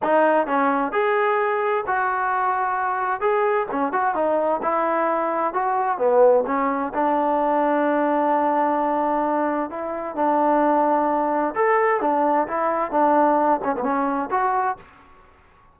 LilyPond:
\new Staff \with { instrumentName = "trombone" } { \time 4/4 \tempo 4 = 130 dis'4 cis'4 gis'2 | fis'2. gis'4 | cis'8 fis'8 dis'4 e'2 | fis'4 b4 cis'4 d'4~ |
d'1~ | d'4 e'4 d'2~ | d'4 a'4 d'4 e'4 | d'4. cis'16 b16 cis'4 fis'4 | }